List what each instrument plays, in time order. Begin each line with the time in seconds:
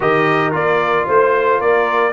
0.00 tuba D#3, trombone G4, horn A#4, trumpet D#5
0.51 tuba A#3, trombone F4, trumpet D5
1.06 tuba A3, horn C5, trumpet C5
1.59 tuba A#3, horn A#4, trumpet D5